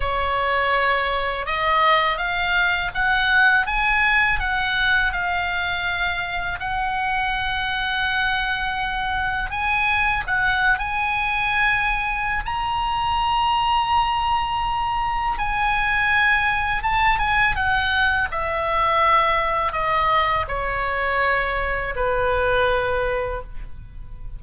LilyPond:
\new Staff \with { instrumentName = "oboe" } { \time 4/4 \tempo 4 = 82 cis''2 dis''4 f''4 | fis''4 gis''4 fis''4 f''4~ | f''4 fis''2.~ | fis''4 gis''4 fis''8. gis''4~ gis''16~ |
gis''4 ais''2.~ | ais''4 gis''2 a''8 gis''8 | fis''4 e''2 dis''4 | cis''2 b'2 | }